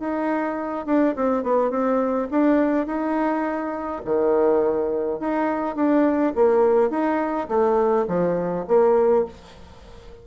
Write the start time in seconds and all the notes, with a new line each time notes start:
0.00 D#4
0.87 D4
1.16 C4
1.44 B3
1.71 C4
2.32 D4
2.87 D#4
4.05 D#3
5.20 D#4
5.76 D4
6.36 A#3
6.90 D#4
7.49 A3
8.08 F3
8.68 A#3